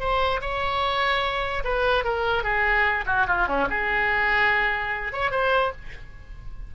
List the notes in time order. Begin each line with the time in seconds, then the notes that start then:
0.00 C5
0.41 C#5
1.65 B4
2.04 A#4
2.44 G#4
3.06 F#4
3.27 F4
3.48 C#4
3.70 G#4
5.13 C#5
5.31 C5